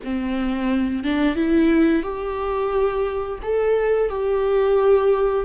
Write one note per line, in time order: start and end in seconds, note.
0.03 1.03 C4
1.03 1.35 D4
1.35 2.02 E4
2.02 3.39 G4
3.42 4.09 A4
4.09 5.45 G4